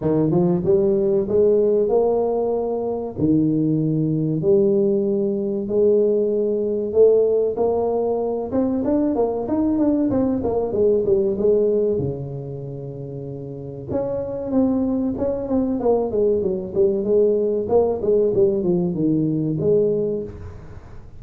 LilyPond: \new Staff \with { instrumentName = "tuba" } { \time 4/4 \tempo 4 = 95 dis8 f8 g4 gis4 ais4~ | ais4 dis2 g4~ | g4 gis2 a4 | ais4. c'8 d'8 ais8 dis'8 d'8 |
c'8 ais8 gis8 g8 gis4 cis4~ | cis2 cis'4 c'4 | cis'8 c'8 ais8 gis8 fis8 g8 gis4 | ais8 gis8 g8 f8 dis4 gis4 | }